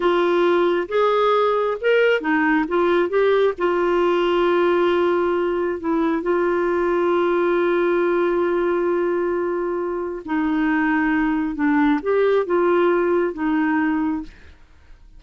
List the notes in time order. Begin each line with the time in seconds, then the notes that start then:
0.00 F4
0.88 G#4
1.80 A#4
2.20 D#4
2.68 F4
3.09 G4
3.58 F4
5.80 E4
6.22 F4
10.25 D#4
11.55 D4
12.02 G4
12.46 F4
13.33 D#4